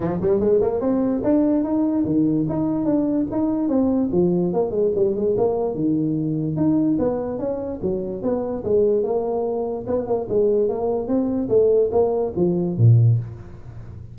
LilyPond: \new Staff \with { instrumentName = "tuba" } { \time 4/4 \tempo 4 = 146 f8 g8 gis8 ais8 c'4 d'4 | dis'4 dis4 dis'4 d'4 | dis'4 c'4 f4 ais8 gis8 | g8 gis8 ais4 dis2 |
dis'4 b4 cis'4 fis4 | b4 gis4 ais2 | b8 ais8 gis4 ais4 c'4 | a4 ais4 f4 ais,4 | }